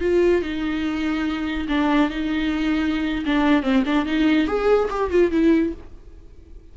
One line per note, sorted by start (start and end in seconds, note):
0.00 0.42 F4
0.42 1.67 D#4
1.68 2.09 D4
2.09 3.24 D#4
3.25 3.62 D4
3.62 3.83 C4
3.85 4.05 D4
4.05 4.47 D#4
4.47 4.88 G#4
4.90 5.10 G4
5.10 5.31 F4
5.31 5.72 E4